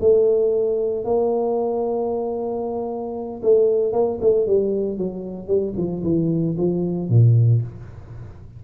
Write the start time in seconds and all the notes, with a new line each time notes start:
0.00 A3
1.05 A#3
3.42 A3
3.92 A#3
4.21 A3
4.46 G3
4.98 F#3
5.47 G3
5.77 F3
6.03 E3
6.57 F3
7.09 A#2